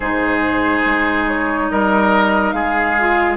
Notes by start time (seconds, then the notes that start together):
0.00 G#2 D#4 G#4 C5
0.85 G#3
1.27 C#5
1.69 G3 A#4 D#5
2.51 G#3 G#4 F5
2.98 F4